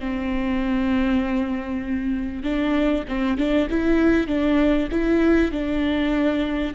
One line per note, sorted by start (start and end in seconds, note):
0.00 2.44 C4
2.44 3.05 D4
3.08 3.38 C4
3.38 3.68 D4
3.70 4.28 E4
4.28 4.89 D4
4.92 5.52 E4
5.52 6.74 D4